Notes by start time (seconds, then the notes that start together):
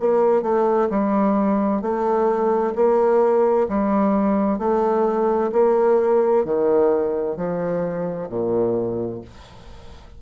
0.00 A#3
0.42 A3
0.90 G3
1.82 A3
2.75 A#3
3.69 G3
4.59 A3
5.53 A#3
6.45 D#3
7.37 F3
8.29 A#2